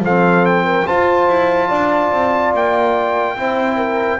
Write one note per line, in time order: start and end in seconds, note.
0.00 0.83 F3
0.00 0.65 A4
0.00 0.45 F5
0.08 0.86 C4
0.45 0.87 G5
0.65 0.86 A#4
0.86 3.36 F4
0.86 1.28 F4
0.86 1.68 C5
0.86 2.54 A5
1.28 1.70 E4
1.68 2.11 D4
1.68 3.35 D5
2.12 2.53 C4
2.54 3.36 A#3
2.54 4.19 G5
3.36 4.19 C4
3.36 4.19 E4
3.36 3.77 C5
3.77 4.19 A#4